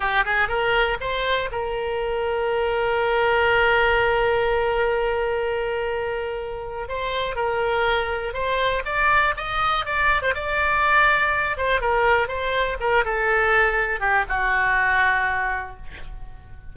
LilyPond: \new Staff \with { instrumentName = "oboe" } { \time 4/4 \tempo 4 = 122 g'8 gis'8 ais'4 c''4 ais'4~ | ais'1~ | ais'1~ | ais'2 c''4 ais'4~ |
ais'4 c''4 d''4 dis''4 | d''8. c''16 d''2~ d''8 c''8 | ais'4 c''4 ais'8 a'4.~ | a'8 g'8 fis'2. | }